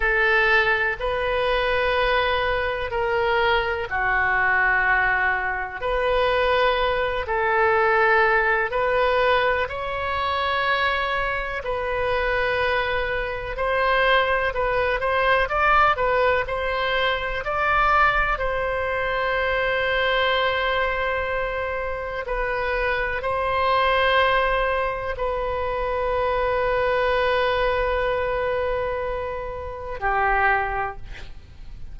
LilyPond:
\new Staff \with { instrumentName = "oboe" } { \time 4/4 \tempo 4 = 62 a'4 b'2 ais'4 | fis'2 b'4. a'8~ | a'4 b'4 cis''2 | b'2 c''4 b'8 c''8 |
d''8 b'8 c''4 d''4 c''4~ | c''2. b'4 | c''2 b'2~ | b'2. g'4 | }